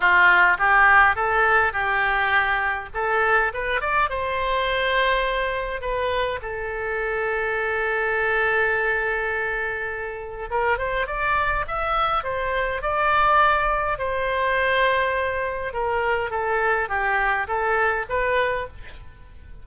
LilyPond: \new Staff \with { instrumentName = "oboe" } { \time 4/4 \tempo 4 = 103 f'4 g'4 a'4 g'4~ | g'4 a'4 b'8 d''8 c''4~ | c''2 b'4 a'4~ | a'1~ |
a'2 ais'8 c''8 d''4 | e''4 c''4 d''2 | c''2. ais'4 | a'4 g'4 a'4 b'4 | }